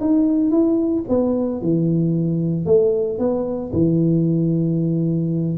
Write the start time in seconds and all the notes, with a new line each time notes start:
0.00 D#4
0.51 E4
1.09 B3
1.61 E3
2.66 A3
3.19 B3
3.72 E3